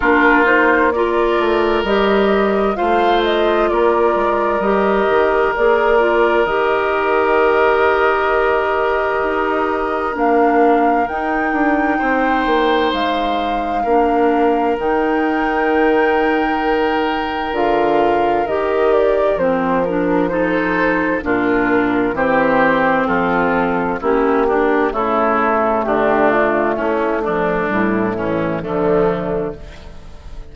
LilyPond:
<<
  \new Staff \with { instrumentName = "flute" } { \time 4/4 \tempo 4 = 65 ais'8 c''8 d''4 dis''4 f''8 dis''8 | d''4 dis''4 d''4 dis''4~ | dis''2. f''4 | g''2 f''2 |
g''2. f''4 | dis''8 d''8 c''8 ais'8 c''4 ais'4 | c''4 a'4 g'4 a'4 | g'8 f'8 e'8 d'8 e'4 d'4 | }
  \new Staff \with { instrumentName = "oboe" } { \time 4/4 f'4 ais'2 c''4 | ais'1~ | ais'1~ | ais'4 c''2 ais'4~ |
ais'1~ | ais'2 a'4 f'4 | g'4 f'4 e'8 d'8 e'4 | d'4 cis'8 d'4 cis'8 a4 | }
  \new Staff \with { instrumentName = "clarinet" } { \time 4/4 d'8 dis'8 f'4 g'4 f'4~ | f'4 g'4 gis'8 f'8 g'4~ | g'2. d'4 | dis'2. d'4 |
dis'2. f'4 | g'4 c'8 d'8 dis'4 d'4 | c'2 cis'8 d'8 a4~ | a4. f8 g8 e8 f4 | }
  \new Staff \with { instrumentName = "bassoon" } { \time 4/4 ais4. a8 g4 a4 | ais8 gis8 g8 dis8 ais4 dis4~ | dis2 dis'4 ais4 | dis'8 d'8 c'8 ais8 gis4 ais4 |
dis2. d4 | dis4 f2 ais,4 | e4 f4 ais4 cis4 | d4 a4 a,4 d4 | }
>>